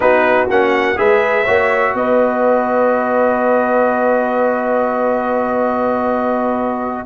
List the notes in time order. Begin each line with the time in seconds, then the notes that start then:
0.00 B3 D#4 F#4 B4
0.49 A#3 C#4 F#5
0.96 G#3 G#4 B4 E5
1.44 A#3 F#4 C#5
1.93 B3 B4 D#5